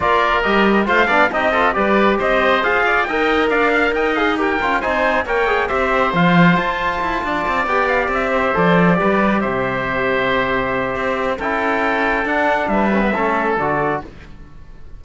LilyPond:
<<
  \new Staff \with { instrumentName = "trumpet" } { \time 4/4 \tempo 4 = 137 d''4 dis''4 f''4 dis''4 | d''4 dis''4 f''4 g''4 | f''4 g''8 f''8 g''4 gis''4 | g''4 e''4 f''4 a''4~ |
a''4. g''8 f''8 e''4 d''8~ | d''4. e''2~ e''8~ | e''2 g''2 | fis''4 e''2 d''4 | }
  \new Staff \with { instrumentName = "oboe" } { \time 4/4 ais'2 c''8 d''8 g'8 a'8 | b'4 c''4. d''8 dis''4 | d''8 f''8 dis''4 ais'4 c''4 | cis''4 c''2.~ |
c''8 d''2~ d''8 c''4~ | c''8 b'4 c''2~ c''8~ | c''2 a'2~ | a'4 b'4 a'2 | }
  \new Staff \with { instrumentName = "trombone" } { \time 4/4 f'4 g'4 f'8 d'8 dis'8 f'8 | g'2 gis'4 ais'4~ | ais'4. gis'8 g'8 f'8 dis'4 | ais'8 gis'8 g'4 f'2~ |
f'4. g'2 a'8~ | a'8 g'2.~ g'8~ | g'2 e'2 | d'4. cis'16 b16 cis'4 fis'4 | }
  \new Staff \with { instrumentName = "cello" } { \time 4/4 ais4 g4 a8 b8 c'4 | g4 c'4 f'4 dis'4 | d'4 dis'4. cis'8 c'4 | ais4 c'4 f4 f'4 |
e'8 d'8 c'8 b4 c'4 f8~ | f8 g4 c2~ c8~ | c4 c'4 cis'2 | d'4 g4 a4 d4 | }
>>